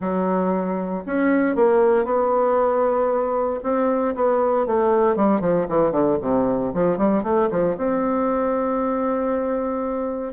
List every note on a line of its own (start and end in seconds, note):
0.00 1.04 F#3
1.06 1.55 C#4
1.55 2.05 A#3
2.05 3.60 B3
3.63 4.14 C4
4.15 4.66 B3
4.66 5.16 A3
5.16 5.40 G3
5.40 5.66 F3
5.68 5.91 E3
5.91 6.17 D3
6.21 6.73 C3
6.74 6.97 F3
6.97 7.23 G3
7.23 7.49 A3
7.50 7.76 F3
7.77 10.33 C4